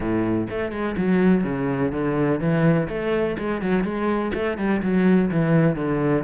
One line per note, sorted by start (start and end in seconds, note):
0.00 0.47 A2
0.50 0.71 A3
0.71 0.95 G#3
0.97 1.44 F#3
1.44 1.92 C#3
1.92 2.40 D3
2.40 2.88 E3
2.88 3.36 A3
3.38 3.61 G#3
3.61 3.84 F#3
3.84 4.32 G#3
4.34 4.57 A3
4.57 4.81 G3
4.82 5.30 F#3
5.30 5.75 E3
5.75 6.23 D3